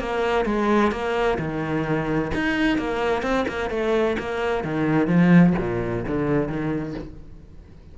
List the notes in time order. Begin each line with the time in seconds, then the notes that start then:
0.00 A#3
0.45 G#3
0.92 A#3
1.39 D#3
2.35 D#4
2.78 A#3
3.23 C4
3.48 A#3
3.70 A3
4.19 A#3
4.64 D#3
5.07 F3
5.59 A#2
6.08 D3
6.48 D#3